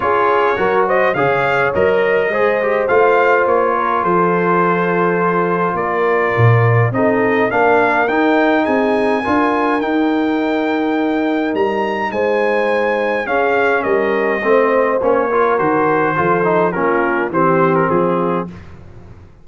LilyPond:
<<
  \new Staff \with { instrumentName = "trumpet" } { \time 4/4 \tempo 4 = 104 cis''4. dis''8 f''4 dis''4~ | dis''4 f''4 cis''4 c''4~ | c''2 d''2 | dis''4 f''4 g''4 gis''4~ |
gis''4 g''2. | ais''4 gis''2 f''4 | dis''2 cis''4 c''4~ | c''4 ais'4 c''8. ais'16 gis'4 | }
  \new Staff \with { instrumentName = "horn" } { \time 4/4 gis'4 ais'8 c''8 cis''2 | c''2~ c''8 ais'8 a'4~ | a'2 ais'2 | a'4 ais'2 gis'4 |
ais'1~ | ais'4 c''2 gis'4 | ais'4 c''4. ais'4. | a'4 f'4 g'4 f'4 | }
  \new Staff \with { instrumentName = "trombone" } { \time 4/4 f'4 fis'4 gis'4 ais'4 | gis'8 g'8 f'2.~ | f'1 | dis'4 d'4 dis'2 |
f'4 dis'2.~ | dis'2. cis'4~ | cis'4 c'4 cis'8 f'8 fis'4 | f'8 dis'8 cis'4 c'2 | }
  \new Staff \with { instrumentName = "tuba" } { \time 4/4 cis'4 fis4 cis4 fis4 | gis4 a4 ais4 f4~ | f2 ais4 ais,4 | c'4 ais4 dis'4 c'4 |
d'4 dis'2. | g4 gis2 cis'4 | g4 a4 ais4 dis4 | f4 ais4 e4 f4 | }
>>